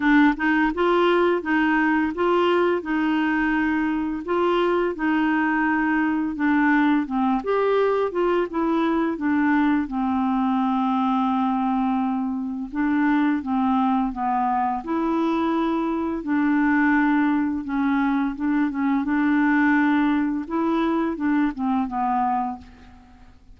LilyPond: \new Staff \with { instrumentName = "clarinet" } { \time 4/4 \tempo 4 = 85 d'8 dis'8 f'4 dis'4 f'4 | dis'2 f'4 dis'4~ | dis'4 d'4 c'8 g'4 f'8 | e'4 d'4 c'2~ |
c'2 d'4 c'4 | b4 e'2 d'4~ | d'4 cis'4 d'8 cis'8 d'4~ | d'4 e'4 d'8 c'8 b4 | }